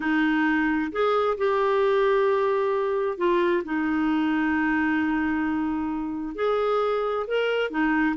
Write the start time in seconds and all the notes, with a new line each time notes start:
0.00 D#4
0.92 G#4
1.37 G4
3.17 F4
3.64 D#4
6.35 G#4
7.27 A#4
7.70 D#4